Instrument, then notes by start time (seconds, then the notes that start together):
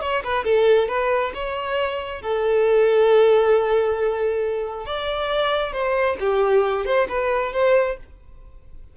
violin
0.00 C#5
0.23 B4
0.44 A4
0.88 B4
1.34 C#5
2.21 A4
4.85 D5
5.72 C5
6.19 G4
6.85 C5
7.08 B4
7.52 C5